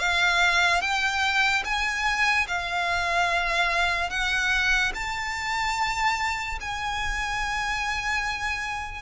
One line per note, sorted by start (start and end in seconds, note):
0.00 0.81 F5
0.81 1.64 G5
1.65 2.47 G#5
2.48 4.11 F5
4.11 4.93 F#5
4.95 6.59 A5
6.61 9.03 G#5